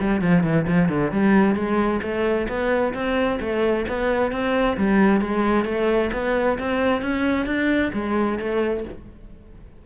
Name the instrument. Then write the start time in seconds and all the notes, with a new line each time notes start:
cello
0.00 G3
0.21 F3
0.43 E3
0.68 F3
0.89 D3
1.11 G3
1.55 G#3
2.02 A3
2.48 B3
2.94 C4
3.40 A3
3.88 B3
4.31 C4
4.77 G3
5.21 G#3
5.65 A3
6.13 B3
6.58 C4
7.01 C#4
7.46 D4
7.93 G#3
8.39 A3